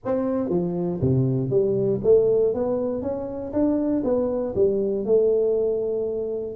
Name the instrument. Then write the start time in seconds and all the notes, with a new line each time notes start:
tuba
0.05 C4
0.49 F3
1.01 C3
1.50 G3
2.03 A3
2.53 B3
3.01 C#4
3.52 D4
4.04 B3
4.55 G3
5.05 A3